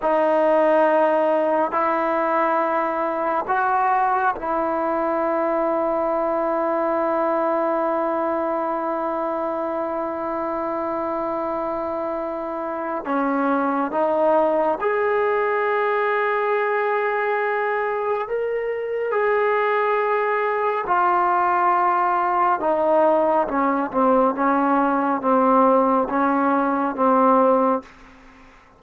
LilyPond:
\new Staff \with { instrumentName = "trombone" } { \time 4/4 \tempo 4 = 69 dis'2 e'2 | fis'4 e'2.~ | e'1~ | e'2. cis'4 |
dis'4 gis'2.~ | gis'4 ais'4 gis'2 | f'2 dis'4 cis'8 c'8 | cis'4 c'4 cis'4 c'4 | }